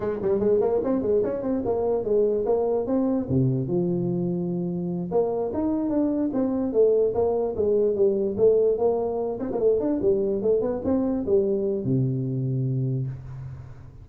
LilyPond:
\new Staff \with { instrumentName = "tuba" } { \time 4/4 \tempo 4 = 147 gis8 g8 gis8 ais8 c'8 gis8 cis'8 c'8 | ais4 gis4 ais4 c'4 | c4 f2.~ | f8 ais4 dis'4 d'4 c'8~ |
c'8 a4 ais4 gis4 g8~ | g8 a4 ais4. c'16 ais16 a8 | d'8 g4 a8 b8 c'4 g8~ | g4 c2. | }